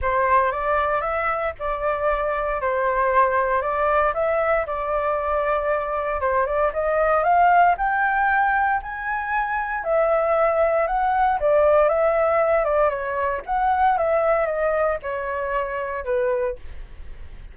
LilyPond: \new Staff \with { instrumentName = "flute" } { \time 4/4 \tempo 4 = 116 c''4 d''4 e''4 d''4~ | d''4 c''2 d''4 | e''4 d''2. | c''8 d''8 dis''4 f''4 g''4~ |
g''4 gis''2 e''4~ | e''4 fis''4 d''4 e''4~ | e''8 d''8 cis''4 fis''4 e''4 | dis''4 cis''2 b'4 | }